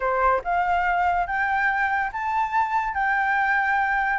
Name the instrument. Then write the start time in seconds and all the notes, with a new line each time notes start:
flute
0.00 C5
0.43 F5
1.26 G5
2.12 A5
2.94 G5